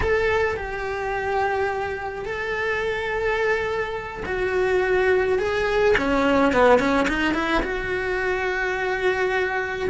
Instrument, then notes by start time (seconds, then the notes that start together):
cello
0.00 A4
0.56 G4
2.25 A4
4.25 F#4
5.38 G#4
5.97 C#4
6.52 B3
6.79 C#4
7.08 D#4
7.34 E4
7.63 F#4